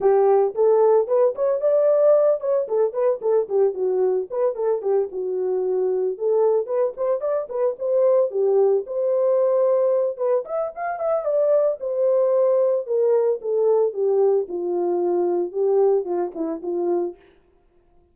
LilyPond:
\new Staff \with { instrumentName = "horn" } { \time 4/4 \tempo 4 = 112 g'4 a'4 b'8 cis''8 d''4~ | d''8 cis''8 a'8 b'8 a'8 g'8 fis'4 | b'8 a'8 g'8 fis'2 a'8~ | a'8 b'8 c''8 d''8 b'8 c''4 g'8~ |
g'8 c''2~ c''8 b'8 e''8 | f''8 e''8 d''4 c''2 | ais'4 a'4 g'4 f'4~ | f'4 g'4 f'8 e'8 f'4 | }